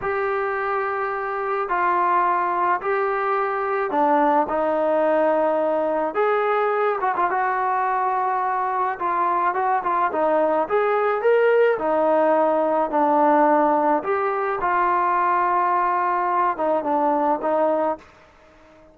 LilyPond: \new Staff \with { instrumentName = "trombone" } { \time 4/4 \tempo 4 = 107 g'2. f'4~ | f'4 g'2 d'4 | dis'2. gis'4~ | gis'8 fis'16 f'16 fis'2. |
f'4 fis'8 f'8 dis'4 gis'4 | ais'4 dis'2 d'4~ | d'4 g'4 f'2~ | f'4. dis'8 d'4 dis'4 | }